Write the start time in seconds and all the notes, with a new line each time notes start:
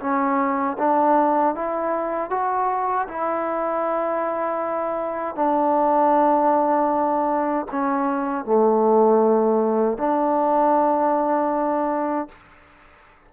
0.00 C#4
0.78 D4
1.55 E4
2.30 F#4
3.08 E4
5.35 D4
7.71 C#4
8.45 A3
9.98 D4